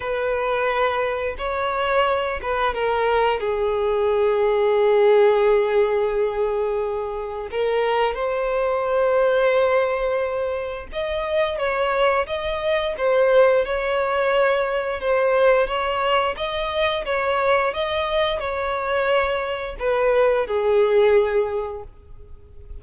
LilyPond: \new Staff \with { instrumentName = "violin" } { \time 4/4 \tempo 4 = 88 b'2 cis''4. b'8 | ais'4 gis'2.~ | gis'2. ais'4 | c''1 |
dis''4 cis''4 dis''4 c''4 | cis''2 c''4 cis''4 | dis''4 cis''4 dis''4 cis''4~ | cis''4 b'4 gis'2 | }